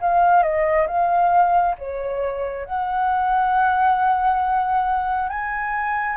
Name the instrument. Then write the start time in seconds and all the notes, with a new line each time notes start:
flute
0.00 F5
0.43 D#5
0.87 F5
1.78 C#5
2.65 F#5
5.29 G#5